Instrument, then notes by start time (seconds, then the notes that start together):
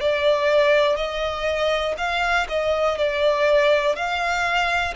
violin
0.00 D5
0.96 D#5
1.97 F5
2.49 D#5
2.97 D5
3.95 F5